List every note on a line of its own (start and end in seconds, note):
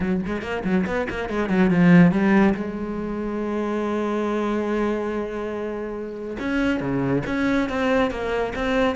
0.00 0.21 F#3
0.26 0.42 G#3
0.42 0.63 A#3
0.64 0.85 F#3
0.86 1.07 B3
1.09 1.29 A#3
1.29 1.49 G#3
1.49 1.70 F#3
1.70 2.11 F3
2.11 2.54 G3
2.54 6.37 G#3
6.39 6.80 C#4
6.80 7.22 C#3
7.26 7.69 C#4
7.69 8.10 C4
8.10 8.53 A#3
8.55 8.95 C4